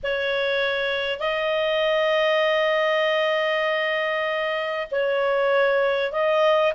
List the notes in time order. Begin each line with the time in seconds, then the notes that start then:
0.03 C#5
1.19 D#5
4.91 C#5
6.12 D#5